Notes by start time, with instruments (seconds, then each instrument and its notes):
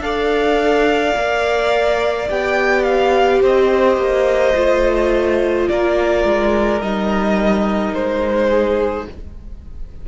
0.00 cello D4, viola A4, violin D5 F5
1.17 cello A#3, viola A#4
2.29 cello B3, viola G4, violin G5
2.84 violin F5
3.42 cello C4, violin C5 D#5
3.97 cello A#3
4.54 cello A3, viola F4
5.69 cello A#3, violin A#4 D5
6.25 cello G#3
6.81 cello G3, viola D#4, violin D#5
7.94 cello G#3, violin C5
8.49 violin G#4